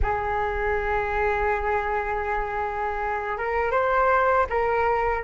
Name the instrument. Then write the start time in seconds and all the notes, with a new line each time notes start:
flute
0.02 G#4
3.38 A#4
3.71 C5
4.49 A#4